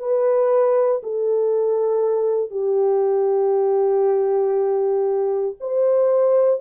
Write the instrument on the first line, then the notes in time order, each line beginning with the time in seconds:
horn
0.00 B4
1.04 A4
2.51 G4
5.61 C5